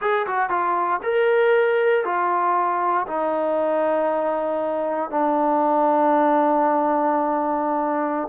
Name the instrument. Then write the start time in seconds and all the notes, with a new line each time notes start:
trombone
0.01 G#4
0.26 F#4
0.49 F4
1.03 A#4
2.04 F4
3.07 D#4
5.10 D4